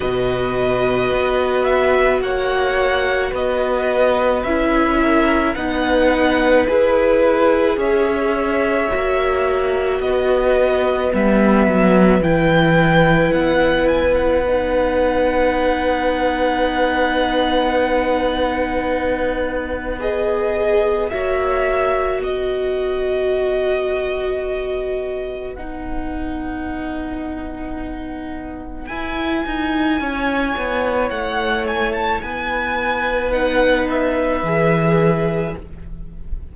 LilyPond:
<<
  \new Staff \with { instrumentName = "violin" } { \time 4/4 \tempo 4 = 54 dis''4. e''8 fis''4 dis''4 | e''4 fis''4 b'4 e''4~ | e''4 dis''4 e''4 g''4 | fis''8 gis''16 fis''2.~ fis''16~ |
fis''2 dis''4 e''4 | dis''2. fis''4~ | fis''2 gis''2 | fis''8 gis''16 a''16 gis''4 fis''8 e''4. | }
  \new Staff \with { instrumentName = "violin" } { \time 4/4 b'2 cis''4 b'4~ | b'8 ais'8 b'2 cis''4~ | cis''4 b'2.~ | b'1~ |
b'2. cis''4 | b'1~ | b'2. cis''4~ | cis''4 b'2. | }
  \new Staff \with { instrumentName = "viola" } { \time 4/4 fis'1 | e'4 dis'4 gis'2 | fis'2 b4 e'4~ | e'4 dis'2.~ |
dis'2 gis'4 fis'4~ | fis'2. dis'4~ | dis'2 e'2~ | e'2 dis'4 gis'4 | }
  \new Staff \with { instrumentName = "cello" } { \time 4/4 b,4 b4 ais4 b4 | cis'4 b4 e'4 cis'4 | ais4 b4 g8 fis8 e4 | b1~ |
b2. ais4 | b1~ | b2 e'8 dis'8 cis'8 b8 | a4 b2 e4 | }
>>